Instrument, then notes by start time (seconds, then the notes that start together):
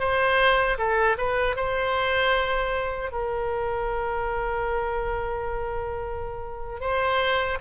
oboe
0.00 C5
0.78 A4
1.18 B4
1.56 C5
3.12 A#4
6.81 C5